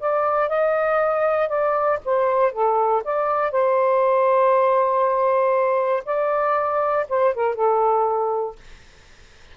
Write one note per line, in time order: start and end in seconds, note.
0.00 0.49 D5
0.49 1.49 D#5
1.49 1.99 D5
2.05 2.52 C5
2.52 3.03 A4
3.04 3.52 D5
3.52 6.04 C5
6.05 7.06 D5
7.09 7.34 C5
7.34 7.55 A#4
7.55 8.56 A4